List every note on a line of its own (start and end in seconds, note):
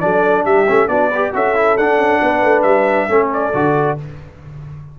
0.00 0.45 F#3
0.00 0.66 D4
0.00 0.45 A4
0.00 0.44 D5
0.45 0.66 G3
0.45 0.89 G4
0.45 0.88 E5
0.68 0.88 A3
0.68 0.88 C#4
0.88 1.32 B3
0.88 1.10 D4
0.88 1.09 F#4
0.88 1.32 D5
1.09 1.33 G4
1.09 1.31 B4
1.33 1.78 C#4
1.33 1.55 F#4
1.33 2.22 A4
1.33 1.77 E5
1.55 1.77 E4
1.77 1.97 D4
1.77 3.09 D4
1.77 2.62 F#5
1.97 2.19 C#4
2.22 2.42 B3
2.22 3.10 B4
2.42 2.64 A3
2.62 3.08 G3
2.62 3.28 E5
3.09 3.53 A3
3.09 3.53 C#4
3.09 3.99 A4
3.33 3.99 D5
3.54 3.98 D3
3.54 3.97 F#4